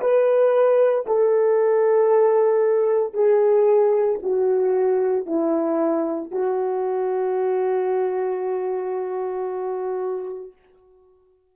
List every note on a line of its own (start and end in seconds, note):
0.00 1.05 B4
1.06 3.13 A4
3.13 4.19 G#4
4.22 5.26 F#4
5.26 6.31 E4
6.31 10.52 F#4